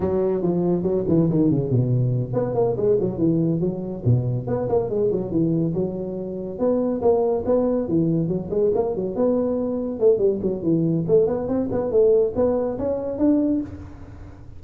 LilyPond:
\new Staff \with { instrumentName = "tuba" } { \time 4/4 \tempo 4 = 141 fis4 f4 fis8 e8 dis8 cis8 | b,4. b8 ais8 gis8 fis8 e8~ | e8 fis4 b,4 b8 ais8 gis8 | fis8 e4 fis2 b8~ |
b8 ais4 b4 e4 fis8 | gis8 ais8 fis8 b2 a8 | g8 fis8 e4 a8 b8 c'8 b8 | a4 b4 cis'4 d'4 | }